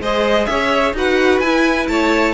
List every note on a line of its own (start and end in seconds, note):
0.00 0.47 G#3
0.00 0.96 G#4
0.00 0.48 C5
0.00 0.46 D#5
0.46 0.93 C#4
0.46 0.96 C#5
0.46 0.93 E5
0.93 1.40 D#4
0.93 1.43 F#4
0.93 1.90 B4
0.93 1.40 F#5
1.40 1.87 E4
1.40 2.34 E4
1.40 1.86 G#5
1.88 2.34 A3
1.88 2.34 C#5
1.88 2.34 A5